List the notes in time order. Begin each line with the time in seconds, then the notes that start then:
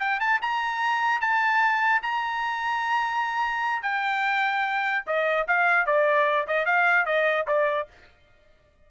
0.00 G5
0.20 A5
0.42 A#5
1.21 A5
2.03 A#5
3.83 G5
5.07 D#5
5.48 F5
5.86 D5
6.48 D#5
6.66 F5
7.06 D#5
7.47 D5